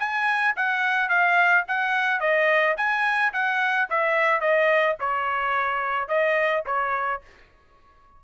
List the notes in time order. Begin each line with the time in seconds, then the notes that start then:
0.00 G#5
0.57 F#5
1.10 F5
1.68 F#5
2.21 D#5
2.77 G#5
3.34 F#5
3.90 E5
4.41 D#5
5.01 C#5
6.09 D#5
6.66 C#5